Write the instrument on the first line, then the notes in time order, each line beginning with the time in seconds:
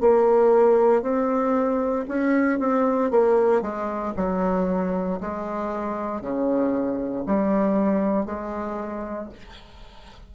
bassoon
0.00 A#3
1.02 C4
2.08 C#4
2.59 C4
3.10 A#3
3.61 G#3
4.16 F#3
5.20 G#3
6.21 C#3
7.26 G3
8.25 G#3